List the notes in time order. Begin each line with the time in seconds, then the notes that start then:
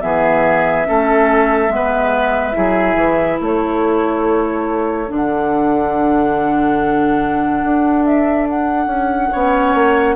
0.00 E3 B3 G#4 E5
0.84 A3 C#4 A4
1.68 G#3 B3
1.75 B4
2.52 F#3 E4 G#4
2.95 E3
3.40 A3 A4 C#5
5.08 D3 D4 F#5
7.63 D4
8.05 E5
8.49 F#5
8.86 C#4
9.31 B3 C#4 C#5
9.74 A#3